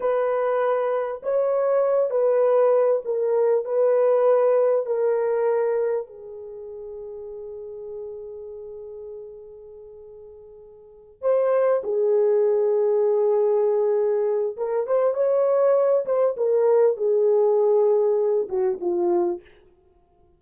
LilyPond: \new Staff \with { instrumentName = "horn" } { \time 4/4 \tempo 4 = 99 b'2 cis''4. b'8~ | b'4 ais'4 b'2 | ais'2 gis'2~ | gis'1~ |
gis'2~ gis'8 c''4 gis'8~ | gis'1 | ais'8 c''8 cis''4. c''8 ais'4 | gis'2~ gis'8 fis'8 f'4 | }